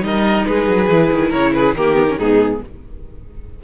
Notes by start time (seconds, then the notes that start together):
0.00 G3 D#4 A#4 D#5
0.45 G#3 G#4 B4
0.68 F#3
0.89 E3 E4
1.12 D#3
1.30 C#3 A#4 C#5
1.53 G#4 B4
1.75 D#3 A#3 G4 A#4
1.95 B3
2.09 C#4
2.18 G#2 B3 D#4 G#4